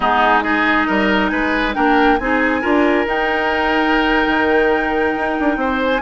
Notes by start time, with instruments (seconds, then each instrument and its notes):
0.00 bassoon G#3, clarinet B3, oboe D#4, flute G#4
0.42 clarinet D#4, oboe G#4, flute D#5
0.87 bassoon G3, oboe A#4
1.28 bassoon G#3, oboe B4, flute G#5
1.74 bassoon A#3, clarinet D4, oboe A#4, flute G5
2.17 bassoon C4, clarinet D#4, oboe G#4, flute G#5
2.61 bassoon D4, clarinet F4, oboe A#4
3.06 bassoon D#4, clarinet D#4, flute G5
4.26 bassoon D#3
5.16 bassoon D#4
5.40 bassoon D4
5.56 bassoon C4, oboe C5
5.83 flute G#5